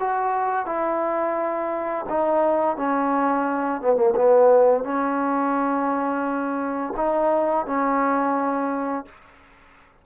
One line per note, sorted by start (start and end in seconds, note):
0.00 0.66 F#4
0.66 2.05 E4
2.09 2.77 D#4
2.77 3.82 C#4
3.82 3.96 B3
3.96 4.14 A#3
4.16 4.84 B3
4.84 6.93 C#4
6.97 7.66 D#4
7.66 9.06 C#4